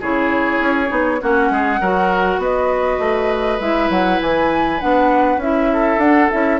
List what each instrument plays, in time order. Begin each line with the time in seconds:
0.00 bassoon C#3, clarinet E4, oboe G#4, flute C#5
0.59 bassoon C#4
0.87 bassoon B3, clarinet D#4
1.21 bassoon A#3, clarinet C#4, oboe F#4, flute F#5
1.50 bassoon G#3, oboe G#4
1.80 bassoon F#3, clarinet F#4, oboe A#4
2.38 bassoon B3, oboe B4, flute D#5
2.99 bassoon A3
3.60 bassoon G#3, clarinet E4, flute E5
3.89 bassoon F#3, flute F#5
4.21 bassoon E3, flute G#5
4.79 bassoon B3, clarinet D4, flute F#5
5.37 bassoon C#4, clarinet E4, flute E5
5.73 oboe A4
5.97 bassoon D4, clarinet D4, flute F#5
6.30 bassoon C#4, clarinet E4, flute E5